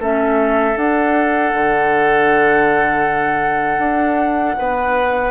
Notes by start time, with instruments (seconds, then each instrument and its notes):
0.00 bassoon A3, clarinet C#4, oboe A4, flute E5
0.75 clarinet D4, bassoon D4, flute F#5
1.53 bassoon D3
3.78 bassoon D4
4.58 bassoon B3, oboe B4